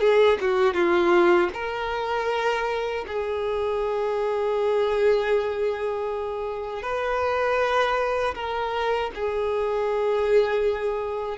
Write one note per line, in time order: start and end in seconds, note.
0.00 0.38 G#4
0.41 0.74 F#4
0.74 1.50 F4
1.54 3.06 A#4
3.08 6.83 G#4
6.83 8.34 B4
8.35 9.11 A#4
9.15 11.38 G#4